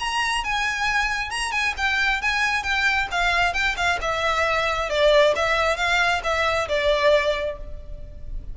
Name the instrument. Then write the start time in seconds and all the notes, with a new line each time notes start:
violin
0.00 A#5
0.45 G#5
1.31 A#5
1.52 G#5
1.78 G5
2.22 G#5
2.64 G5
3.12 F5
3.54 G5
3.77 F5
4.02 E5
4.90 D5
5.36 E5
5.77 F5
6.24 E5
6.69 D5